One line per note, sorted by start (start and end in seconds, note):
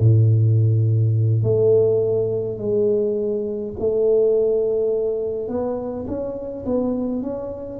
0.00 1.43 A2
1.43 2.59 A3
2.59 3.74 G#3
3.79 5.49 A3
5.49 6.06 B3
6.08 6.66 C#4
6.66 7.23 B3
7.23 7.80 C#4